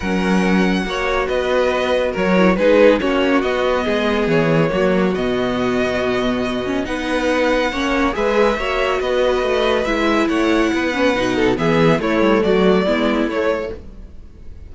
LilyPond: <<
  \new Staff \with { instrumentName = "violin" } { \time 4/4 \tempo 4 = 140 fis''2. dis''4~ | dis''4 cis''4 b'4 cis''4 | dis''2 cis''2 | dis''1 |
fis''2. e''4~ | e''4 dis''2 e''4 | fis''2. e''4 | cis''4 d''2 cis''4 | }
  \new Staff \with { instrumentName = "violin" } { \time 4/4 ais'2 cis''4 b'4~ | b'4 ais'4 gis'4 fis'4~ | fis'4 gis'2 fis'4~ | fis'1 |
b'2 cis''4 b'4 | cis''4 b'2. | cis''4 b'4. a'8 gis'4 | e'4 fis'4 e'2 | }
  \new Staff \with { instrumentName = "viola" } { \time 4/4 cis'2 fis'2~ | fis'4. e'8 dis'4 cis'4 | b2. ais4 | b2.~ b8 cis'8 |
dis'2 cis'4 gis'4 | fis'2. e'4~ | e'4. cis'8 dis'4 b4 | a2 b4 a4 | }
  \new Staff \with { instrumentName = "cello" } { \time 4/4 fis2 ais4 b4~ | b4 fis4 gis4 ais4 | b4 gis4 e4 fis4 | b,1 |
b2 ais4 gis4 | ais4 b4 a4 gis4 | a4 b4 b,4 e4 | a8 g8 fis4 gis4 a4 | }
>>